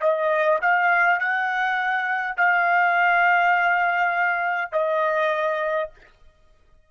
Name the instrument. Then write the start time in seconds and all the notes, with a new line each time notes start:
trumpet
0.00 D#5
0.61 F5
1.19 F#5
2.36 F5
4.72 D#5